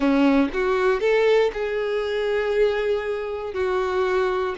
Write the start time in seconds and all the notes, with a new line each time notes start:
0.00 C#4
0.53 F#4
1.00 A4
1.53 G#4
3.53 F#4